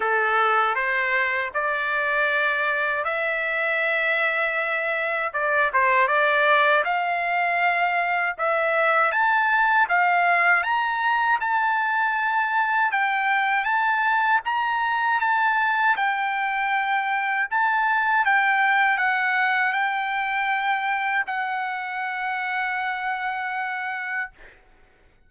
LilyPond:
\new Staff \with { instrumentName = "trumpet" } { \time 4/4 \tempo 4 = 79 a'4 c''4 d''2 | e''2. d''8 c''8 | d''4 f''2 e''4 | a''4 f''4 ais''4 a''4~ |
a''4 g''4 a''4 ais''4 | a''4 g''2 a''4 | g''4 fis''4 g''2 | fis''1 | }